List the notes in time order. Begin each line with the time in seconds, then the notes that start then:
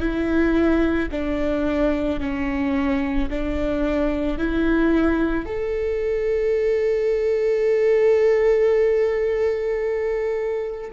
0.00 E4
1.12 D4
2.20 C#4
3.30 D4
4.38 E4
5.46 A4